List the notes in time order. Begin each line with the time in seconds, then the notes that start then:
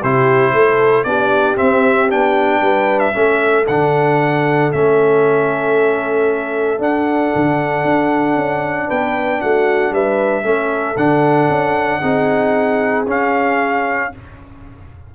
0.00 C3 E4 G4 C5
0.53 A3 A4
1.03 B3 D4 G4 D5
1.56 C4 E5
2.08 B3 D4 G5
2.61 G3 B4
2.99 E5
3.13 A3 C#4 A4
3.67 D3 D4 F#5
4.72 A3 C#4 E5
6.78 D4 F#5
7.35 D3
7.84 D4
8.36 C#4
8.87 B3 B4 G5
9.41 A3 F#4 F#5
9.91 G3 B4 E5
10.43 A3 C#4 A4
10.97 D3 D4 F#5
11.49 C#4
12.00 C4 D#4 G#4
13.07 C#4 F5